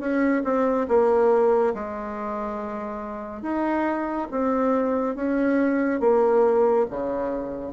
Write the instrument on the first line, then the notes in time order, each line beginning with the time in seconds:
bassoon
0.00 C#4
0.44 C4
0.88 A#3
1.75 G#3
3.42 D#4
4.31 C4
5.16 C#4
6.00 A#3
6.90 C#3